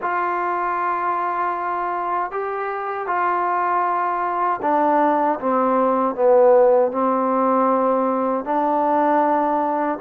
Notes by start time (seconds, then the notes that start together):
0.01 F4
2.31 G4
3.06 F4
4.62 D4
5.40 C4
6.15 B3
6.91 C4
8.44 D4